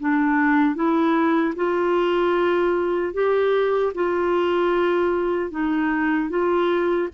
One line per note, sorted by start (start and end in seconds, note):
0.00 0.75 D4
0.75 1.54 E4
1.55 3.13 F4
3.14 3.93 G4
3.94 5.50 F4
5.50 6.29 D#4
6.29 7.08 F4